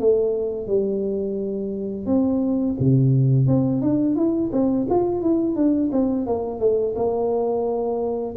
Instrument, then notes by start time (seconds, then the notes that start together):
tuba
0.00 A3
0.68 G3
2.06 C4
2.80 C3
3.48 C4
3.82 D4
4.16 E4
4.53 C4
4.90 F4
5.22 E4
5.56 D4
5.92 C4
6.27 A#3
6.60 A3
6.96 A#3